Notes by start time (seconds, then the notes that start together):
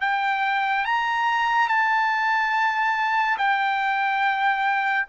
0.00 G5
0.85 A#5
1.68 A5
3.37 G5